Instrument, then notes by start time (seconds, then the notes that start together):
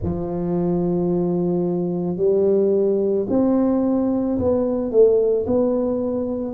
tuba
0.03 F3
2.17 G3
3.29 C4
4.38 B3
4.91 A3
5.46 B3